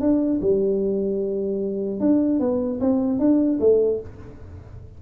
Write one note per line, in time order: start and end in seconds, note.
0.00 0.40 D4
0.41 2.00 G3
2.00 2.39 D4
2.39 2.79 B3
2.80 3.19 C4
3.19 3.59 D4
3.60 4.00 A3